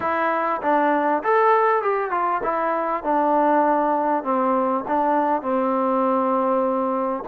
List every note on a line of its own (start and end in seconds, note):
0.00 0.61 E4
0.62 1.22 D4
1.23 1.82 A4
1.82 2.10 G4
2.10 2.41 F4
2.43 3.03 E4
3.03 4.23 D4
4.23 4.84 C4
4.87 5.42 D4
5.42 7.23 C4